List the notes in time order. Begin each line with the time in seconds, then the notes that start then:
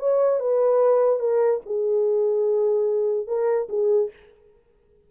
0.00 C#5
0.40 B4
1.20 A#4
1.66 G#4
3.27 A#4
3.69 G#4